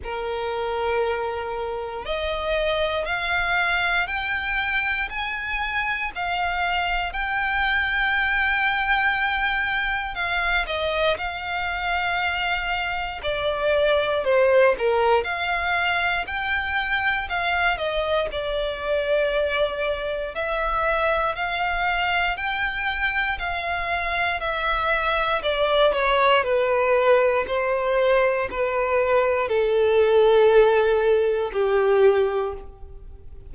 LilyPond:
\new Staff \with { instrumentName = "violin" } { \time 4/4 \tempo 4 = 59 ais'2 dis''4 f''4 | g''4 gis''4 f''4 g''4~ | g''2 f''8 dis''8 f''4~ | f''4 d''4 c''8 ais'8 f''4 |
g''4 f''8 dis''8 d''2 | e''4 f''4 g''4 f''4 | e''4 d''8 cis''8 b'4 c''4 | b'4 a'2 g'4 | }